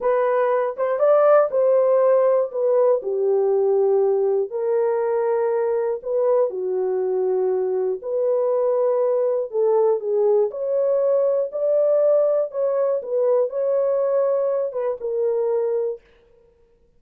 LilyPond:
\new Staff \with { instrumentName = "horn" } { \time 4/4 \tempo 4 = 120 b'4. c''8 d''4 c''4~ | c''4 b'4 g'2~ | g'4 ais'2. | b'4 fis'2. |
b'2. a'4 | gis'4 cis''2 d''4~ | d''4 cis''4 b'4 cis''4~ | cis''4. b'8 ais'2 | }